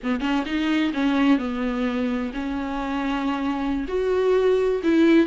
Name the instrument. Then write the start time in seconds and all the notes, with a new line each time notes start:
viola
0.03 B3
0.20 C#4
0.45 D#4
0.93 C#4
1.38 B3
2.33 C#4
3.88 F#4
4.83 E4